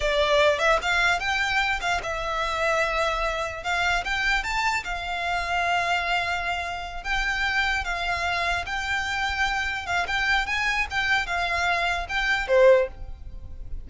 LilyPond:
\new Staff \with { instrumentName = "violin" } { \time 4/4 \tempo 4 = 149 d''4. e''8 f''4 g''4~ | g''8 f''8 e''2.~ | e''4 f''4 g''4 a''4 | f''1~ |
f''4. g''2 f''8~ | f''4. g''2~ g''8~ | g''8 f''8 g''4 gis''4 g''4 | f''2 g''4 c''4 | }